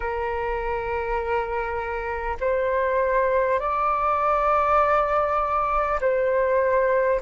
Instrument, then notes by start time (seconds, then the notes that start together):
flute
0.00 A#4
2.40 C5
3.59 D5
6.01 C5